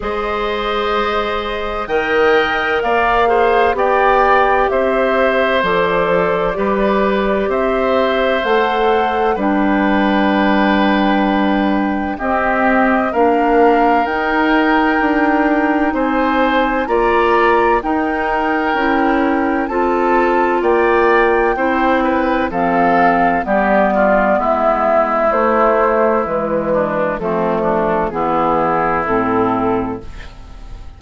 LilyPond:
<<
  \new Staff \with { instrumentName = "flute" } { \time 4/4 \tempo 4 = 64 dis''2 g''4 f''4 | g''4 e''4 d''2 | e''4 fis''4 g''2~ | g''4 dis''4 f''4 g''4~ |
g''4 gis''4 ais''4 g''4~ | g''4 a''4 g''2 | f''4 d''4 e''4 c''4 | b'4 a'4 gis'4 a'4 | }
  \new Staff \with { instrumentName = "oboe" } { \time 4/4 c''2 dis''4 d''8 c''8 | d''4 c''2 b'4 | c''2 b'2~ | b'4 g'4 ais'2~ |
ais'4 c''4 d''4 ais'4~ | ais'4 a'4 d''4 c''8 b'8 | a'4 g'8 f'8 e'2~ | e'8 d'8 c'8 d'8 e'2 | }
  \new Staff \with { instrumentName = "clarinet" } { \time 4/4 gis'2 ais'4. gis'8 | g'2 a'4 g'4~ | g'4 a'4 d'2~ | d'4 c'4 d'4 dis'4~ |
dis'2 f'4 dis'4 | e'4 f'2 e'4 | c'4 b2 a4 | gis4 a4 b4 c'4 | }
  \new Staff \with { instrumentName = "bassoon" } { \time 4/4 gis2 dis4 ais4 | b4 c'4 f4 g4 | c'4 a4 g2~ | g4 c'4 ais4 dis'4 |
d'4 c'4 ais4 dis'4 | cis'4 c'4 ais4 c'4 | f4 g4 gis4 a4 | e4 f4 e4 a,4 | }
>>